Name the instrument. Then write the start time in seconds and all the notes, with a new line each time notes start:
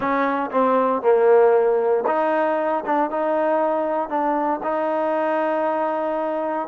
trombone
0.00 C#4
0.50 C4
1.02 A#3
2.07 D#4
2.85 D4
3.10 D#4
4.09 D4
4.63 D#4